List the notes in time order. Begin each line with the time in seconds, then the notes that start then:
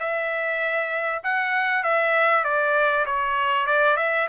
0.00 E5
1.24 F#5
1.84 E5
2.44 D5
3.06 C#5
3.67 D5
3.97 E5